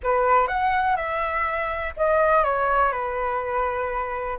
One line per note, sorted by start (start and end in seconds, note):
0.03 0.47 B4
0.47 0.96 F#5
0.96 1.93 E5
1.96 2.44 D#5
2.44 2.91 C#5
2.91 4.38 B4